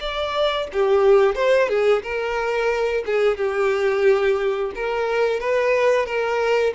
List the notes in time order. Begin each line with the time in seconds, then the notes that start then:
0.00 D5
0.73 G4
1.35 C5
1.69 G#4
2.03 A#4
3.06 G#4
3.37 G4
4.75 A#4
5.40 B4
6.06 A#4